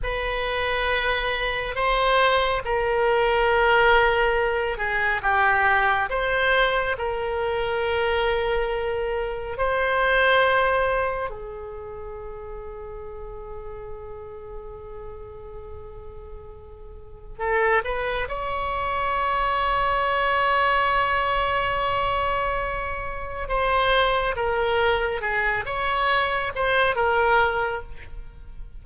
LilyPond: \new Staff \with { instrumentName = "oboe" } { \time 4/4 \tempo 4 = 69 b'2 c''4 ais'4~ | ais'4. gis'8 g'4 c''4 | ais'2. c''4~ | c''4 gis'2.~ |
gis'1 | a'8 b'8 cis''2.~ | cis''2. c''4 | ais'4 gis'8 cis''4 c''8 ais'4 | }